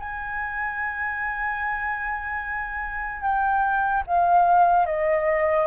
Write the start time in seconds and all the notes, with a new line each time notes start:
0.00 G#5
3.22 G5
4.07 F5
4.86 D#5